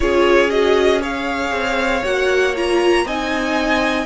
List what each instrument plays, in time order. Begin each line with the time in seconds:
0.00 cello C#4, viola F4, violin G#4 C#5
0.50 viola F#4, violin D#5
1.01 viola G#4, violin C#5 F5
1.51 cello C4
2.03 cello A#3, viola F#4, violin F#5
2.55 viola F4, violin A#5
3.05 cello C4, viola D#4, violin D#5 G#5